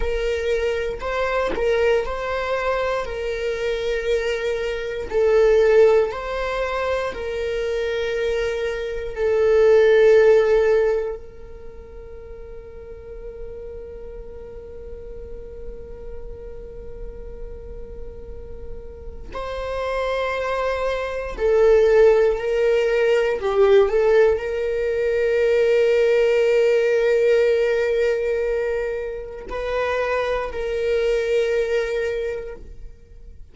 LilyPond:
\new Staff \with { instrumentName = "viola" } { \time 4/4 \tempo 4 = 59 ais'4 c''8 ais'8 c''4 ais'4~ | ais'4 a'4 c''4 ais'4~ | ais'4 a'2 ais'4~ | ais'1~ |
ais'2. c''4~ | c''4 a'4 ais'4 g'8 a'8 | ais'1~ | ais'4 b'4 ais'2 | }